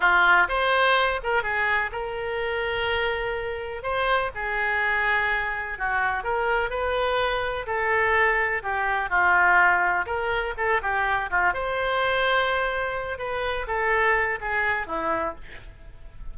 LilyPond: \new Staff \with { instrumentName = "oboe" } { \time 4/4 \tempo 4 = 125 f'4 c''4. ais'8 gis'4 | ais'1 | c''4 gis'2. | fis'4 ais'4 b'2 |
a'2 g'4 f'4~ | f'4 ais'4 a'8 g'4 f'8 | c''2.~ c''8 b'8~ | b'8 a'4. gis'4 e'4 | }